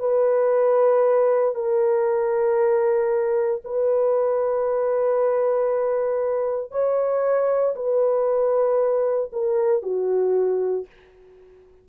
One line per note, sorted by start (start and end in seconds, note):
0.00 1.55 B4
1.55 3.62 A#4
3.65 6.71 B4
6.71 7.75 C#5
7.76 9.32 B4
9.32 9.83 A#4
9.83 10.86 F#4